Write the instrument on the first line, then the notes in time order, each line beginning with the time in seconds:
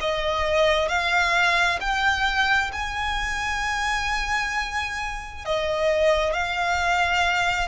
violin
0.00 D#5
0.88 F5
1.80 G5
2.72 G#5
5.45 D#5
6.33 F5